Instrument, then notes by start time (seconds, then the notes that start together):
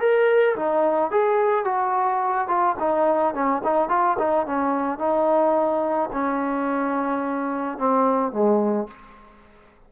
trombone
0.00 A#4
0.56 D#4
1.11 G#4
1.64 F#4
2.48 F4
2.80 D#4
3.34 C#4
3.64 D#4
3.89 F4
4.18 D#4
4.46 C#4
4.98 D#4
6.13 C#4
7.78 C4
8.32 G#3